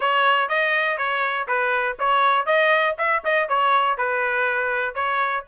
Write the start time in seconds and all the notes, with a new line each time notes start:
0.00 C#5
0.48 D#5
0.97 C#5
1.47 B4
1.99 C#5
2.46 D#5
2.98 E5
3.24 D#5
3.48 C#5
3.97 B4
4.95 C#5